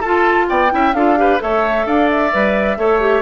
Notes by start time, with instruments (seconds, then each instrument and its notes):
0.00 bassoon F4, clarinet F4, oboe A4, flute A5
0.49 bassoon B3, oboe D5, flute G5
0.69 bassoon C#4, clarinet E4, oboe E5
0.93 bassoon D4, clarinet F4, oboe A4, flute F5
1.17 clarinet G4, oboe B4
1.39 bassoon A3, clarinet A4, oboe C#5, flute E5
1.86 bassoon D4, oboe D5, flute F5
2.10 flute E5
2.32 bassoon G3, clarinet B4
2.77 bassoon A3, clarinet A4, oboe C#5
3.00 clarinet G4